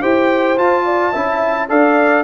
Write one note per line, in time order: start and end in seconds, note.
0.00 0.58 E4
0.00 0.57 G4
0.00 0.83 C5
0.00 0.58 G5
0.57 1.13 F4
0.57 1.69 A5
0.85 1.12 D5
1.12 1.69 C#4
1.12 1.68 E4
1.12 1.67 E5
1.68 2.23 D4
1.68 2.23 A4
1.68 2.23 D5
1.68 2.23 F5